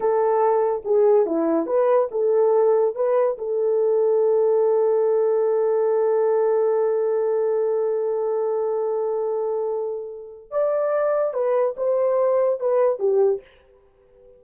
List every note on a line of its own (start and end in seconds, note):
0.00 0.82 A4
0.84 1.25 G#4
1.25 1.66 E4
1.66 2.08 B4
2.11 2.95 A4
2.95 3.37 B4
3.37 10.50 A4
10.50 11.33 D5
11.33 11.75 B4
11.76 12.60 C5
12.60 12.99 B4
12.99 13.41 G4